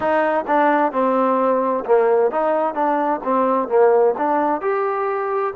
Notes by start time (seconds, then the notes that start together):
0.00 D#4
0.47 D4
0.91 C4
1.85 A#3
2.31 D#4
2.74 D4
3.23 C4
3.68 A#3
4.17 D4
4.61 G4